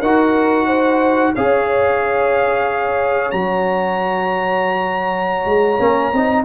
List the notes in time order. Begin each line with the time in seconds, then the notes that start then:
0.00 D#4 F#4 A#4 F#5
0.66 C5
1.35 C#4 G#4 C#5 F5
3.31 F#3 F#4 A#5
5.45 G#3
5.79 A#3 C#4
6.12 C4 D#4